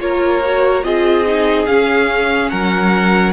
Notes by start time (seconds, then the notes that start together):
0.00 A#3 F4 A#4 C#5
0.46 F#4
0.84 C4 F4 G#4 D#5
1.26 D#4
1.66 C#4 F5
2.50 F#3 A#4 F#5